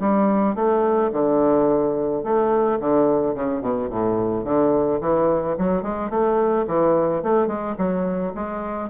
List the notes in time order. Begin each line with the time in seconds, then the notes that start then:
0.00 G3
0.55 A3
1.12 D3
2.23 A3
2.80 D3
3.35 C#3
3.61 B2
3.90 A2
4.44 D3
5.01 E3
5.58 F#3
5.82 G#3
6.10 A3
6.67 E3
7.23 A3
7.47 G#3
7.78 F#3
8.35 G#3